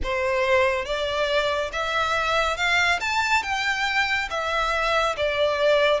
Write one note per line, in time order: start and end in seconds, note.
0.03 0.85 C5
0.85 1.70 D5
1.72 2.56 E5
2.56 2.99 F5
3.00 3.42 A5
3.42 4.28 G5
4.29 5.15 E5
5.17 6.00 D5